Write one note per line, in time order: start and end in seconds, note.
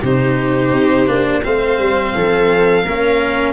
0.00 0.72 C3
0.00 1.06 D#4
0.00 1.41 G4
0.00 1.43 C5
0.72 1.07 C4
1.06 1.43 A#3
1.06 1.42 D4
1.43 1.78 A3
1.43 2.85 C4
1.43 2.15 C5
1.43 3.53 F5
1.78 2.13 G3
2.15 2.85 F3
2.15 2.84 A4
2.84 3.53 A#3
2.84 3.53 C#4
2.84 3.53 A#4